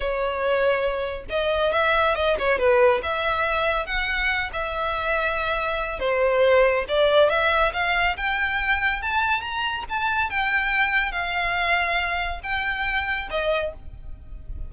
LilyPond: \new Staff \with { instrumentName = "violin" } { \time 4/4 \tempo 4 = 140 cis''2. dis''4 | e''4 dis''8 cis''8 b'4 e''4~ | e''4 fis''4. e''4.~ | e''2 c''2 |
d''4 e''4 f''4 g''4~ | g''4 a''4 ais''4 a''4 | g''2 f''2~ | f''4 g''2 dis''4 | }